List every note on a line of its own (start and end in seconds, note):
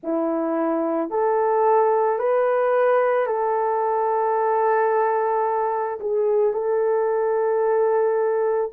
0.03 1.10 E4
1.10 2.18 A4
2.18 3.26 B4
3.26 5.99 A4
6.00 6.53 G#4
6.53 8.71 A4